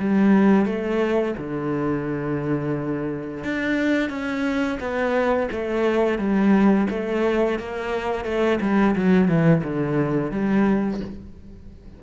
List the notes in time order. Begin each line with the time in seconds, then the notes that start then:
0.00 G3
0.66 A3
1.38 D3
3.45 D4
4.10 C#4
4.80 B3
5.52 A3
6.18 G3
6.90 A3
7.60 A#3
8.25 A3
8.61 G3
8.96 F#3
9.28 E3
9.64 D3
10.32 G3